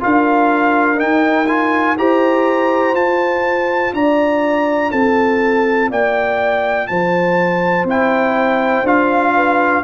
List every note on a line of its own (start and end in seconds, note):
0.00 1.02 D4
0.00 0.96 F4
0.00 1.99 A#4
0.00 0.99 F5
0.96 1.45 D#4
0.96 1.98 D#4
0.96 1.47 G5
1.47 1.97 F4
1.47 1.96 G#5
1.98 2.93 E4
1.98 2.96 G4
1.98 3.95 C5
1.98 2.95 A#5
2.93 3.91 F4
2.93 7.88 F4
2.93 3.93 A5
3.93 4.91 D4
3.93 4.92 D5
3.93 4.91 A#5
4.91 5.91 C4
4.91 5.90 A4
4.91 5.89 A5
5.90 6.89 A#3
5.90 6.89 D5
5.90 6.87 G5
6.87 7.84 F3
6.87 9.35 C5
6.87 7.85 A5
7.84 8.82 C4
7.84 8.85 E4
7.84 8.87 G5
8.83 9.81 D4
8.83 9.83 F4
8.83 9.83 F5
9.35 9.83 B4